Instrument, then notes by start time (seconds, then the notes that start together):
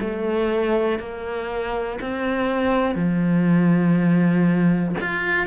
cello
0.00 A3
0.99 A#3
2.00 C4
2.95 F3
5.01 F4